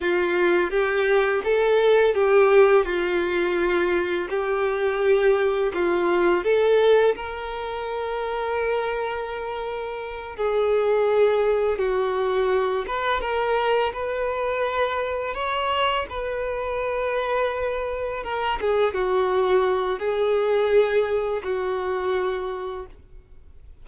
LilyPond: \new Staff \with { instrumentName = "violin" } { \time 4/4 \tempo 4 = 84 f'4 g'4 a'4 g'4 | f'2 g'2 | f'4 a'4 ais'2~ | ais'2~ ais'8 gis'4.~ |
gis'8 fis'4. b'8 ais'4 b'8~ | b'4. cis''4 b'4.~ | b'4. ais'8 gis'8 fis'4. | gis'2 fis'2 | }